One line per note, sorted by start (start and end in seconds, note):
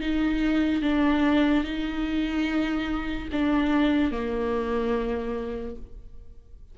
0.00 0.82 D#4
0.82 1.64 D4
1.64 3.28 D#4
3.32 4.11 D4
4.11 5.75 A#3